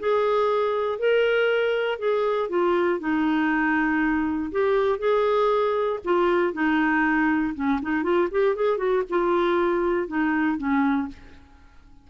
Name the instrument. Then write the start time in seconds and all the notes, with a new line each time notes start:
clarinet
0.00 G#4
0.99 A#4
1.99 G#4
2.49 F4
3.00 D#4
4.52 G4
4.99 G#4
6.05 F4
6.53 D#4
7.55 C#4
7.82 D#4
8.03 F4
8.32 G4
8.56 G#4
8.78 F#4
9.10 F4
10.08 D#4
10.58 C#4